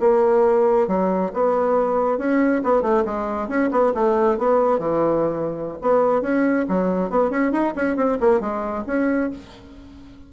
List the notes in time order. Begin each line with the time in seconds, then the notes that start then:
0.00 A#3
0.88 F#3
1.34 B3
2.18 C#4
2.64 B3
2.82 A3
3.05 G#3
3.48 C#4
3.71 B3
3.95 A3
4.38 B3
4.79 E3
5.81 B3
6.22 C#4
6.68 F#3
7.10 B3
7.30 C#4
7.52 D#4
7.76 C#4
7.96 C4
8.20 A#3
8.40 G#3
8.87 C#4